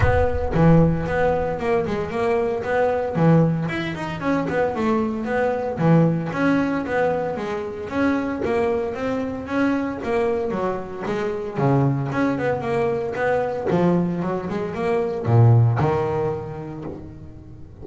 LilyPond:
\new Staff \with { instrumentName = "double bass" } { \time 4/4 \tempo 4 = 114 b4 e4 b4 ais8 gis8 | ais4 b4 e4 e'8 dis'8 | cis'8 b8 a4 b4 e4 | cis'4 b4 gis4 cis'4 |
ais4 c'4 cis'4 ais4 | fis4 gis4 cis4 cis'8 b8 | ais4 b4 f4 fis8 gis8 | ais4 ais,4 dis2 | }